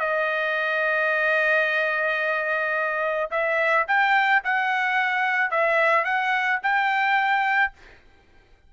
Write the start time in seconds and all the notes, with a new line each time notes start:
0.00 D#5
3.31 E5
3.88 G5
4.44 F#5
5.51 E5
6.05 F#5
6.63 G5